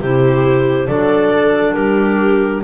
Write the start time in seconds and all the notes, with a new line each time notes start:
0.00 C3 E4 G4 C5
0.87 F#3 D4 A4 D5
1.74 G3 G4 A#4